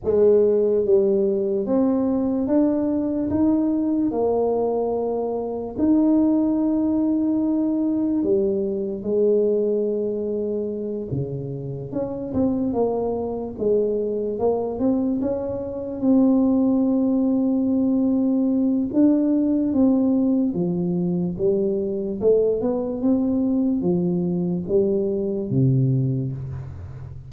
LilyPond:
\new Staff \with { instrumentName = "tuba" } { \time 4/4 \tempo 4 = 73 gis4 g4 c'4 d'4 | dis'4 ais2 dis'4~ | dis'2 g4 gis4~ | gis4. cis4 cis'8 c'8 ais8~ |
ais8 gis4 ais8 c'8 cis'4 c'8~ | c'2. d'4 | c'4 f4 g4 a8 b8 | c'4 f4 g4 c4 | }